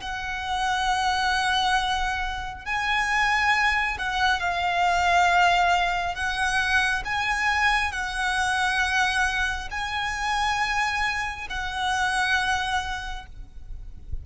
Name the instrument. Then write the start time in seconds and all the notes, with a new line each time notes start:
violin
0.00 F#5
2.65 G#5
3.98 F#5
4.40 F5
6.14 F#5
7.05 G#5
7.92 F#5
9.71 G#5
11.49 F#5